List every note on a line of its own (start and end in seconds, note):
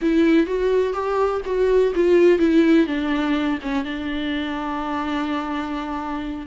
0.01 0.46 E4
0.46 0.93 F#4
0.93 1.41 G4
1.45 1.93 F#4
1.95 2.38 F4
2.38 2.86 E4
2.87 3.59 D4
3.62 3.84 C#4
3.84 6.46 D4